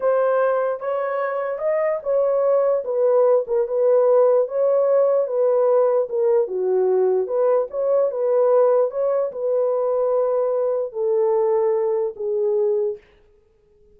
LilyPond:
\new Staff \with { instrumentName = "horn" } { \time 4/4 \tempo 4 = 148 c''2 cis''2 | dis''4 cis''2 b'4~ | b'8 ais'8 b'2 cis''4~ | cis''4 b'2 ais'4 |
fis'2 b'4 cis''4 | b'2 cis''4 b'4~ | b'2. a'4~ | a'2 gis'2 | }